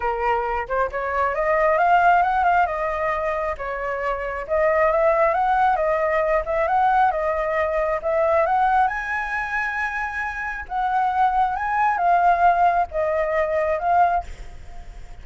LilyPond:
\new Staff \with { instrumentName = "flute" } { \time 4/4 \tempo 4 = 135 ais'4. c''8 cis''4 dis''4 | f''4 fis''8 f''8 dis''2 | cis''2 dis''4 e''4 | fis''4 dis''4. e''8 fis''4 |
dis''2 e''4 fis''4 | gis''1 | fis''2 gis''4 f''4~ | f''4 dis''2 f''4 | }